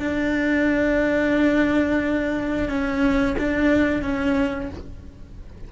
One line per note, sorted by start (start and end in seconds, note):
0.00 2.69 D4
2.69 3.36 C#4
3.39 4.02 D4
4.02 4.70 C#4